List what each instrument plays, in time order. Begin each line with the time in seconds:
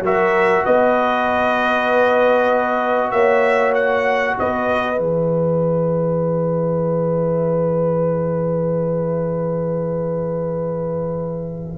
0.00 tuba F#3, trombone F#4, horn A#4, trumpet E5
0.65 tuba B3, horn B4, trumpet D#5
3.11 tuba A#3, horn C#5, trumpet E5
3.74 trumpet F#5
4.39 tuba B3, horn B4, trumpet D#5
4.95 tuba E3, trombone G#4, trumpet E5